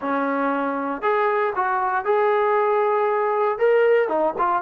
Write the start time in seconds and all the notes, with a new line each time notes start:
0.01 C#4
1.02 G#4
1.55 F#4
2.04 G#4
3.58 A#4
4.08 D#4
4.38 F4